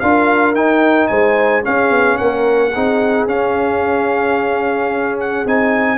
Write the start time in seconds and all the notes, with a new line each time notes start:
0.00 D4 F4 A#4 F5
0.55 D#4 G5
1.08 G#3 C5 G#5
1.62 C#4 G#4 F5
1.90 B3
2.17 A#3 A#4 F#5
2.73 C4 D#4 G#4
3.27 C#4 F5
5.20 F#5
5.46 C4 D#4 G#5